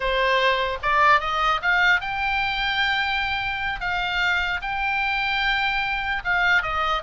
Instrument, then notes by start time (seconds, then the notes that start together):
oboe
0.00 C5
0.82 D5
1.20 D#5
1.61 F5
2.00 G5
3.80 F5
4.61 G5
6.24 F5
6.62 D#5